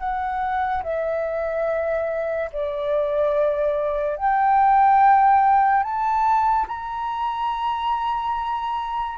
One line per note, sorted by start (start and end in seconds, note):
0.00 0.83 F#5
0.84 2.50 E5
2.53 4.17 D5
4.17 5.84 G5
5.84 6.67 A5
6.68 9.18 A#5